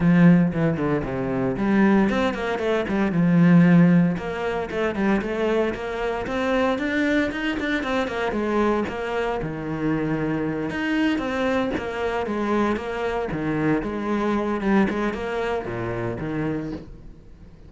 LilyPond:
\new Staff \with { instrumentName = "cello" } { \time 4/4 \tempo 4 = 115 f4 e8 d8 c4 g4 | c'8 ais8 a8 g8 f2 | ais4 a8 g8 a4 ais4 | c'4 d'4 dis'8 d'8 c'8 ais8 |
gis4 ais4 dis2~ | dis8 dis'4 c'4 ais4 gis8~ | gis8 ais4 dis4 gis4. | g8 gis8 ais4 ais,4 dis4 | }